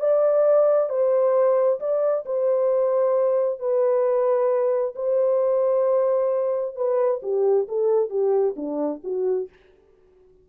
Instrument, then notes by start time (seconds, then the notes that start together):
horn
0.00 D5
0.90 C5
1.80 D5
2.26 C5
3.60 B4
4.96 C5
6.76 B4
7.23 G4
7.69 A4
8.10 G4
8.57 D4
9.04 F#4